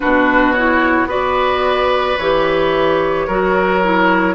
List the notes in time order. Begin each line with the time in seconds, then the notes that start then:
0.00 B2 D4 F#4 B4
0.52 E4 C#5
1.06 B3 F#4 B4 D5
2.17 E3 G4 C#5
3.27 F#3 F#4 A#4
3.84 E4